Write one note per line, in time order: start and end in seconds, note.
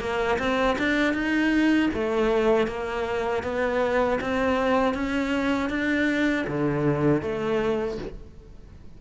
0.00 0.38 A#3
0.39 0.77 C4
0.78 1.14 D4
1.14 1.90 D#4
1.94 2.67 A3
2.67 3.43 A#3
3.43 4.19 B3
4.21 4.94 C4
4.94 5.70 C#4
5.70 6.46 D4
6.47 7.22 D3
7.22 7.98 A3